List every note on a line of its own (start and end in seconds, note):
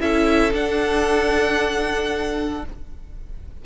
0.00 0.53 C#4
0.00 0.52 E4
0.00 2.65 A4
0.00 0.53 E5
0.52 2.63 D4
0.52 2.65 F#5